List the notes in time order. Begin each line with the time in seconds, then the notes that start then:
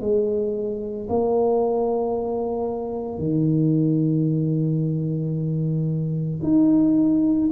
0.00 G#3
1.09 A#3
3.18 D#3
6.43 D#4